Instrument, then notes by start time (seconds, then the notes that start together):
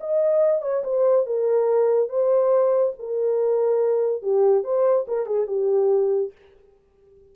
horn
0.00 D#5
0.62 C#5
0.84 C5
1.26 A#4
2.09 C5
2.99 A#4
4.22 G4
4.64 C5
5.08 A#4
5.26 G#4
5.47 G4